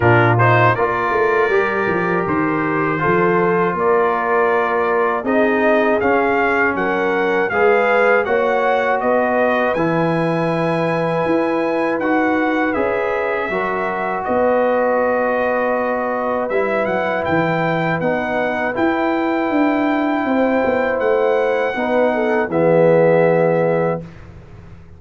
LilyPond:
<<
  \new Staff \with { instrumentName = "trumpet" } { \time 4/4 \tempo 4 = 80 ais'8 c''8 d''2 c''4~ | c''4 d''2 dis''4 | f''4 fis''4 f''4 fis''4 | dis''4 gis''2. |
fis''4 e''2 dis''4~ | dis''2 e''8 fis''8 g''4 | fis''4 g''2. | fis''2 e''2 | }
  \new Staff \with { instrumentName = "horn" } { \time 4/4 f'4 ais'2. | a'4 ais'2 gis'4~ | gis'4 ais'4 b'4 cis''4 | b'1~ |
b'2 ais'4 b'4~ | b'1~ | b'2. c''4~ | c''4 b'8 a'8 gis'2 | }
  \new Staff \with { instrumentName = "trombone" } { \time 4/4 d'8 dis'8 f'4 g'2 | f'2. dis'4 | cis'2 gis'4 fis'4~ | fis'4 e'2. |
fis'4 gis'4 fis'2~ | fis'2 e'2 | dis'4 e'2.~ | e'4 dis'4 b2 | }
  \new Staff \with { instrumentName = "tuba" } { \time 4/4 ais,4 ais8 a8 g8 f8 dis4 | f4 ais2 c'4 | cis'4 fis4 gis4 ais4 | b4 e2 e'4 |
dis'4 cis'4 fis4 b4~ | b2 g8 fis8 e4 | b4 e'4 d'4 c'8 b8 | a4 b4 e2 | }
>>